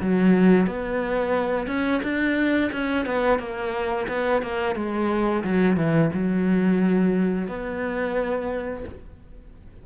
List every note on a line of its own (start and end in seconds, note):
0.00 0.66 F#3
0.66 1.67 B3
1.67 2.01 C#4
2.02 2.71 D4
2.72 3.05 C#4
3.05 3.38 B3
3.38 4.07 A#3
4.08 4.42 B3
4.42 4.75 A#3
4.75 5.43 G#3
5.43 5.76 F#3
5.76 6.10 E3
6.13 7.47 F#3
7.47 8.84 B3